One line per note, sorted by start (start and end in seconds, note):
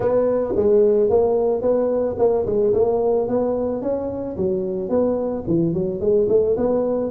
0.00 0.54 B3
0.56 1.09 G#3
1.09 1.61 A#3
1.61 2.16 B3
2.18 2.45 A#3
2.45 2.73 G#3
2.73 3.28 A#3
3.28 3.82 B3
3.82 4.36 C#4
4.37 4.89 F#3
4.89 5.43 B3
5.47 5.73 E3
5.73 6.00 F#3
6.00 6.27 G#3
6.29 6.56 A3
6.56 7.10 B3